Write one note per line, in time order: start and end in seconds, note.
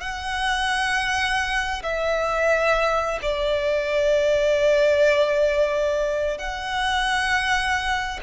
0.00 1.82 F#5
1.83 3.19 E5
3.21 6.38 D5
6.38 8.19 F#5